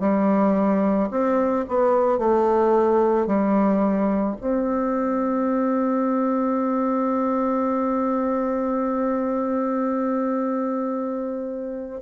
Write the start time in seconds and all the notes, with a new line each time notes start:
0.00 G3
1.11 C4
1.68 B3
2.18 A3
3.27 G3
4.41 C4